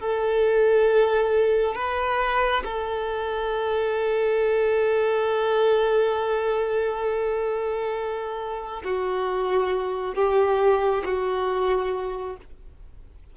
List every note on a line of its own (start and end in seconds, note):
0.00 1.75 A4
1.75 2.63 B4
2.65 8.82 A4
8.84 10.15 F#4
10.15 11.03 G4
11.05 12.37 F#4